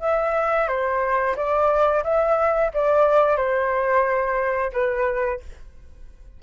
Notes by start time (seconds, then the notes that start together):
0.00 E5
0.68 C5
1.36 D5
2.03 E5
2.74 D5
3.36 C5
4.73 B4